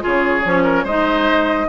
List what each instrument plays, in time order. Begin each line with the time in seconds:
0.00 bassoon C#3, clarinet F4, oboe G#4
0.07 flute C#5
0.44 bassoon F3, clarinet C#4
0.63 oboe A#4
0.84 bassoon G#3, clarinet D#4, oboe C5, flute D#5